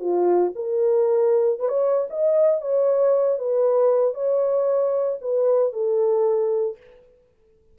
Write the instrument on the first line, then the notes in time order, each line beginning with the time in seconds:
horn
0.00 F4
0.55 A#4
1.60 B4
1.68 C#5
2.10 D#5
2.61 C#5
3.38 B4
4.14 C#5
5.21 B4
5.73 A4